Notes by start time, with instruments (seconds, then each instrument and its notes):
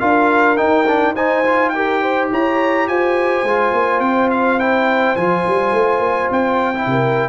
0.00 tuba D4, trombone F4, horn A#4, trumpet F5
0.57 trombone D#4, tuba D#4, trumpet G5
0.87 trombone D4
1.15 trombone D#4, horn C5, trumpet G#5
1.45 trombone F4
1.70 trombone G4, trumpet G5
1.76 horn A#4
2.02 horn C5
2.31 tuba E4, horn C#5, trumpet A#5
2.87 tuba F4, horn C5, trumpet G#5
3.43 tuba G#3, trombone F4
3.73 tuba A#3
3.99 tuba C4, trumpet G5
4.31 trumpet F5
4.60 trombone E4, trumpet G5
5.16 tuba F3, trombone F4, trumpet G#5
5.47 tuba G3
5.72 tuba A3
5.99 tuba A#3
6.30 tuba C4, trumpet G5
6.75 trombone E4
6.86 tuba C3, horn A#4